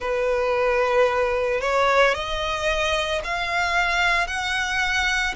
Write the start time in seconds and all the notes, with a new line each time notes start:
0.00 B4
1.60 C#5
2.14 D#5
3.24 F5
4.27 F#5